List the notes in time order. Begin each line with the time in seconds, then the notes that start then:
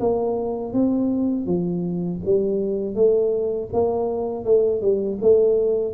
0.00 A#3
0.73 C4
1.46 F3
2.26 G3
2.95 A3
3.73 A#3
4.45 A3
4.81 G3
5.22 A3